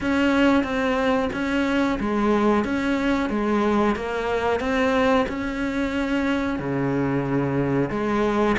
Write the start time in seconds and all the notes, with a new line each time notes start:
0.01 C#4
0.63 C4
1.32 C#4
2.00 G#3
2.64 C#4
3.29 G#3
3.95 A#3
4.60 C4
5.28 C#4
6.59 C#3
7.90 G#3